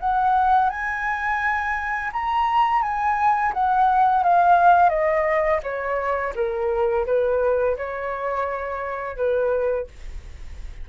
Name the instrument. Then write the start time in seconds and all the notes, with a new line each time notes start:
flute
0.00 F#5
0.70 G#5
2.13 A#5
2.82 G#5
3.53 F#5
4.23 F5
4.90 D#5
5.63 C#5
6.35 A#4
7.06 B4
7.77 C#5
9.17 B4